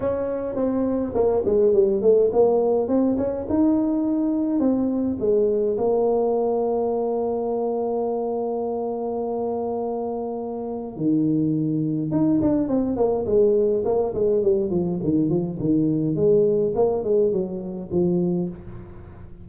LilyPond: \new Staff \with { instrumentName = "tuba" } { \time 4/4 \tempo 4 = 104 cis'4 c'4 ais8 gis8 g8 a8 | ais4 c'8 cis'8 dis'2 | c'4 gis4 ais2~ | ais1~ |
ais2. dis4~ | dis4 dis'8 d'8 c'8 ais8 gis4 | ais8 gis8 g8 f8 dis8 f8 dis4 | gis4 ais8 gis8 fis4 f4 | }